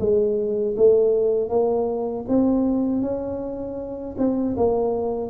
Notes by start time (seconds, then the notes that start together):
0.00 G#3
0.77 A3
1.49 A#3
2.29 C4
3.02 C#4
4.18 C4
4.57 A#3